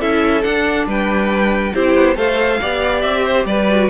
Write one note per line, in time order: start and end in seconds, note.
0.00 0.44 C#4
0.00 0.42 E4
0.00 0.86 A4
0.00 0.43 E5
0.42 1.72 D4
0.42 0.87 D4
0.42 0.86 F#5
0.87 1.73 G3
0.87 1.73 B4
0.87 1.74 G5
1.73 1.95 C4
1.73 2.16 E4
1.73 2.16 G4
1.73 2.17 C5
1.95 2.16 B3
2.16 2.59 A3
2.16 2.59 A4
2.16 2.60 C5
2.16 3.01 F5
2.61 3.04 B3
2.61 3.69 G4
2.61 3.25 D5
3.01 3.45 C4
3.01 3.44 E5
3.25 3.46 C5
3.45 3.88 G3
3.45 3.90 B4
3.45 3.89 D5
3.70 3.90 F#4